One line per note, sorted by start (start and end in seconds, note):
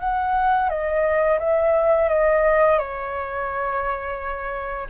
0.00 0.69 F#5
0.69 1.39 D#5
1.39 2.09 E5
2.09 2.79 D#5
2.79 4.88 C#5